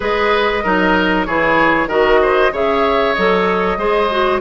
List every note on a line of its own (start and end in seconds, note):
0.00 0.64 G#3
0.00 0.63 G#4
0.00 0.63 B4
0.00 1.25 D#5
0.63 1.27 F#3
0.63 1.27 D#4
0.63 1.26 A#4
1.25 1.86 E3
1.25 1.89 E4
1.25 1.88 G#4
1.25 1.88 C#5
1.86 2.49 D#3
1.86 2.52 F#4
1.86 2.20 A#4
1.86 2.54 D#5
2.22 2.52 C5
2.52 3.15 C#3
2.52 3.15 G#4
2.52 3.78 C#5
2.52 3.14 E5
3.14 3.77 F#3
3.14 3.78 A4
3.14 4.40 D#5
3.77 4.40 G#3
3.77 4.09 G#4
3.77 4.41 C5
4.10 4.41 F#4